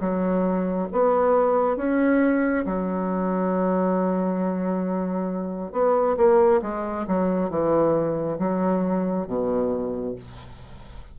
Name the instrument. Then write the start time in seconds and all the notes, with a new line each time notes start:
bassoon
0.00 F#3
0.92 B3
1.76 C#4
2.65 F#3
5.72 B3
6.17 A#3
6.62 G#3
7.07 F#3
7.50 E3
8.38 F#3
9.27 B2